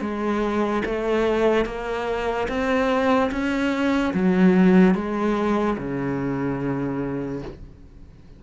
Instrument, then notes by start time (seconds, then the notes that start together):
cello
0.00 G#3
0.85 A3
1.65 A#3
2.48 C4
3.31 C#4
4.13 F#3
4.94 G#3
5.77 C#3